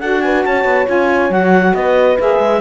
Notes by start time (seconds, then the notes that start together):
0.00 D4 F#4 A4 F#5
0.21 B4 G#5
0.44 C#4 C#5 A5
0.64 B3
0.86 C#4 F4 G#5
1.29 F#3 F#4 F#5
1.74 B3 B4 D#5
2.19 A#3 G#4 E5
2.39 G#3